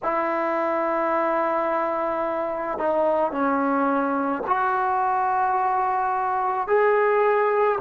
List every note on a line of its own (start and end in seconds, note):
0.03 2.78 E4
2.78 3.31 D#4
3.31 4.42 C#4
4.47 6.67 F#4
6.67 7.78 G#4